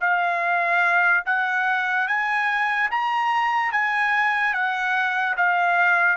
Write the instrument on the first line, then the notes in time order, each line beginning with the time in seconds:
trumpet
0.00 F5
1.25 F#5
2.07 G#5
2.91 A#5
3.72 G#5
4.53 F#5
5.36 F5